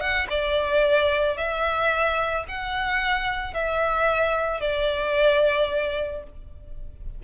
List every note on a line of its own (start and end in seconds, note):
0.00 0.27 F#5
0.30 1.37 D5
1.37 2.45 E5
2.48 3.54 F#5
3.54 4.61 E5
4.61 6.23 D5